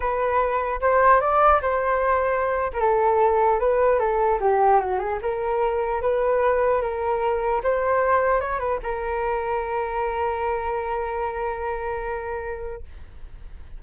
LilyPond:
\new Staff \with { instrumentName = "flute" } { \time 4/4 \tempo 4 = 150 b'2 c''4 d''4 | c''2~ c''8. ais'16 a'4~ | a'4 b'4 a'4 g'4 | fis'8 gis'8 ais'2 b'4~ |
b'4 ais'2 c''4~ | c''4 cis''8 b'8 ais'2~ | ais'1~ | ais'1 | }